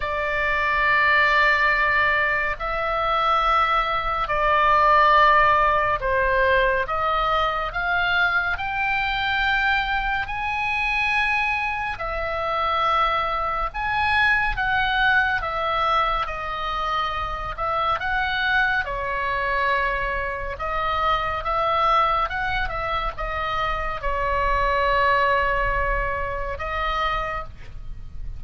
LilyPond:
\new Staff \with { instrumentName = "oboe" } { \time 4/4 \tempo 4 = 70 d''2. e''4~ | e''4 d''2 c''4 | dis''4 f''4 g''2 | gis''2 e''2 |
gis''4 fis''4 e''4 dis''4~ | dis''8 e''8 fis''4 cis''2 | dis''4 e''4 fis''8 e''8 dis''4 | cis''2. dis''4 | }